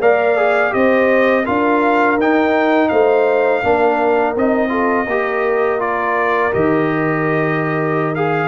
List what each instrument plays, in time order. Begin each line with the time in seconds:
0.00 tuba A#3, trombone A#4, horn D5, trumpet F5
0.37 trombone G#4
0.71 tuba C4, trombone G4, horn C5, trumpet D#5
1.45 tuba D4, trombone F4, horn A#4, trumpet F5
2.17 tuba D#4, trombone D#4, trumpet G5
2.89 tuba A3, horn C5, trumpet F5
3.64 tuba A#3, trombone D4, horn A#4
4.36 tuba C4, trombone D#4, trumpet D#5
4.69 trombone F4, horn A4
5.07 tuba A#3, trombone G4, horn A#4
5.80 trombone F4, trumpet D5
6.52 tuba D#3, trombone G4, trumpet D#5
8.16 trombone G#4, trumpet F5